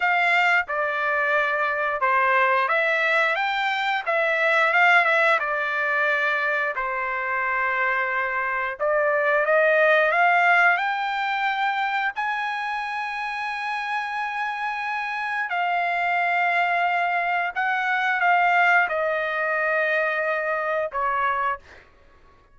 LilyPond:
\new Staff \with { instrumentName = "trumpet" } { \time 4/4 \tempo 4 = 89 f''4 d''2 c''4 | e''4 g''4 e''4 f''8 e''8 | d''2 c''2~ | c''4 d''4 dis''4 f''4 |
g''2 gis''2~ | gis''2. f''4~ | f''2 fis''4 f''4 | dis''2. cis''4 | }